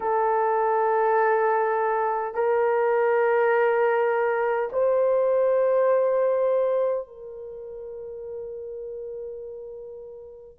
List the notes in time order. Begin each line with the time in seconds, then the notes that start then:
0.00 A4
2.34 A#4
4.72 C5
7.07 A#4